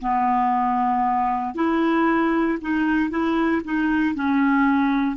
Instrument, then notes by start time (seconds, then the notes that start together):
clarinet
0.00 B3
1.55 E4
2.61 D#4
3.10 E4
3.64 D#4
4.15 C#4